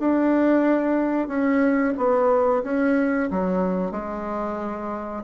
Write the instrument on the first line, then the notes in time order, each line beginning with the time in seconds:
bassoon
0.00 D4
1.28 C#4
1.98 B3
2.64 C#4
3.31 F#3
3.92 G#3